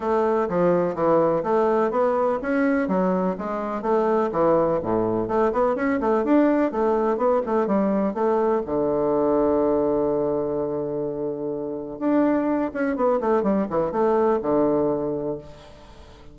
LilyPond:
\new Staff \with { instrumentName = "bassoon" } { \time 4/4 \tempo 4 = 125 a4 f4 e4 a4 | b4 cis'4 fis4 gis4 | a4 e4 a,4 a8 b8 | cis'8 a8 d'4 a4 b8 a8 |
g4 a4 d2~ | d1~ | d4 d'4. cis'8 b8 a8 | g8 e8 a4 d2 | }